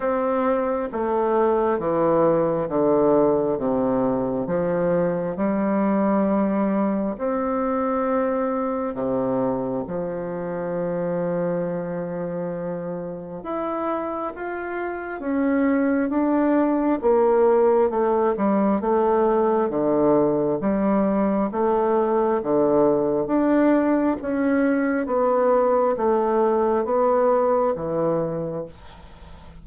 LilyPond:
\new Staff \with { instrumentName = "bassoon" } { \time 4/4 \tempo 4 = 67 c'4 a4 e4 d4 | c4 f4 g2 | c'2 c4 f4~ | f2. e'4 |
f'4 cis'4 d'4 ais4 | a8 g8 a4 d4 g4 | a4 d4 d'4 cis'4 | b4 a4 b4 e4 | }